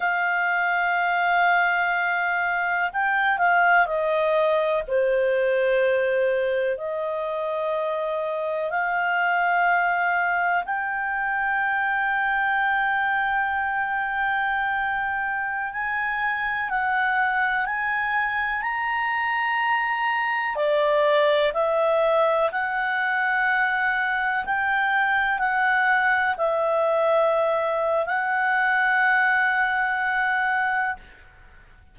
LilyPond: \new Staff \with { instrumentName = "clarinet" } { \time 4/4 \tempo 4 = 62 f''2. g''8 f''8 | dis''4 c''2 dis''4~ | dis''4 f''2 g''4~ | g''1~ |
g''16 gis''4 fis''4 gis''4 ais''8.~ | ais''4~ ais''16 d''4 e''4 fis''8.~ | fis''4~ fis''16 g''4 fis''4 e''8.~ | e''4 fis''2. | }